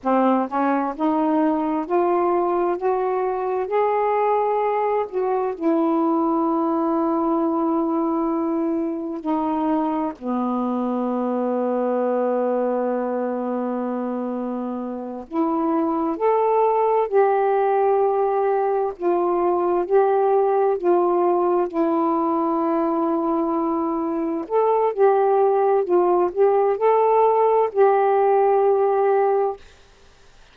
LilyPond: \new Staff \with { instrumentName = "saxophone" } { \time 4/4 \tempo 4 = 65 c'8 cis'8 dis'4 f'4 fis'4 | gis'4. fis'8 e'2~ | e'2 dis'4 b4~ | b1~ |
b8 e'4 a'4 g'4.~ | g'8 f'4 g'4 f'4 e'8~ | e'2~ e'8 a'8 g'4 | f'8 g'8 a'4 g'2 | }